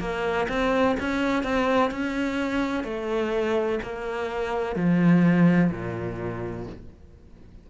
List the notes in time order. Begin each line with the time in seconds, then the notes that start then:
0.00 A#3
0.48 C4
1.00 C#4
1.43 C4
1.91 C#4
2.84 A3
3.83 A#3
4.76 F3
5.71 A#2